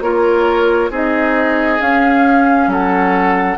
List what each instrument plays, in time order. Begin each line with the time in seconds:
0.00 bassoon A#3, clarinet F4, oboe A#4, flute C#5
0.90 bassoon C4, clarinet D#4, oboe G#4, flute D#5
1.79 clarinet C#4, bassoon C#4, flute F5
2.67 bassoon F#3, oboe A4, flute F#5